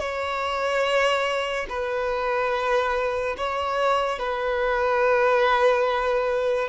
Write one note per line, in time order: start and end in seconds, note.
0.00 1.67 C#5
1.70 3.36 B4
3.37 4.19 C#5
4.19 6.69 B4